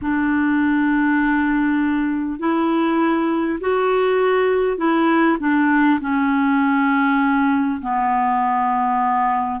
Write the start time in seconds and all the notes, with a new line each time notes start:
0.01 D4
2.39 E4
3.60 F#4
4.77 E4
5.39 D4
6.00 C#4
7.81 B3